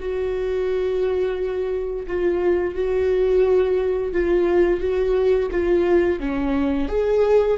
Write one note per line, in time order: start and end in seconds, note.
0.00 2.07 F#4
2.08 2.75 F4
2.75 4.13 F#4
4.13 4.81 F4
4.81 5.50 F#4
5.52 6.20 F4
6.20 6.89 C#4
6.89 7.58 G#4